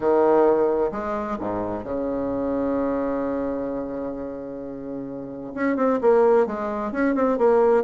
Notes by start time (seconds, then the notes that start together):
0.00 D#3
0.91 G#3
1.39 G#2
1.83 C#3
5.54 C#4
5.76 C4
6.01 A#3
6.46 G#3
6.92 C#4
7.14 C4
7.38 A#3